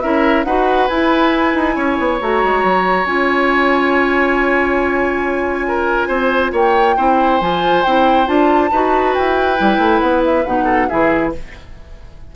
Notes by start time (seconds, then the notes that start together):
0.00 C#4 E4 A#4 E5
0.44 D#4 F#4 B4 F#5
0.87 E4 G#5
1.54 D#4
1.75 C#4 C#5
1.98 B3
2.20 A3 F#4 A#5
2.43 G#3
2.63 F#3
3.05 C#4 F4 G#5
5.67 A#4
6.08 C4 C5
6.52 A#3 C#5 G5
6.96 C4 E4 C5
7.40 F3 F4 G#5
7.84 C4 E4 G5
8.26 D4 F4 A5
8.71 D#4 F#4 B4
9.14 E4 G5
9.57 G3 E4
9.78 A3
10.00 B3 F#5
10.25 E5
10.45 B2 D#4 F#5
10.64 A4
10.88 E3 E4 G#4 E5